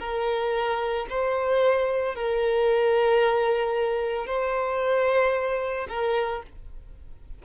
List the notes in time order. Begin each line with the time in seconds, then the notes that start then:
0.00 A#4
1.10 C5
2.15 A#4
4.27 C5
5.89 A#4